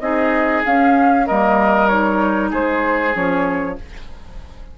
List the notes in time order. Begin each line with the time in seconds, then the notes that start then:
0.00 C4 D#4 G#4 D#5
0.65 C#4 F5
1.27 G3 A#3 A#4 D#5
1.88 D#4 C#5
2.51 G#3 G#4 C5
3.14 F3 C#4 C#5